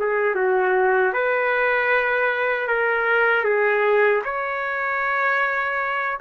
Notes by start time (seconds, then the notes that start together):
0.00 G#4
0.36 F#4
1.14 B4
2.68 A#4
3.45 G#4
4.25 C#5